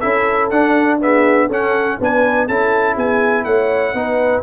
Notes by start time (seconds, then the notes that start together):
0.00 C#4 E4 A4 E5
0.51 D4 F#5
1.01 B3 G#4 E5
1.48 C#4 A4 F#5
2.00 B3 D4 B4 G#5
2.48 C#4 E4 A4 A5
2.95 B3 G#4 G#5
3.45 A3 C#5 F#5
3.94 B3 D#4 B4